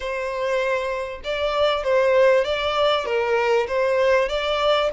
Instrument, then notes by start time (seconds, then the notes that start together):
violin
0.00 C5
1.24 D5
1.83 C5
2.44 D5
3.05 A#4
3.67 C5
4.29 D5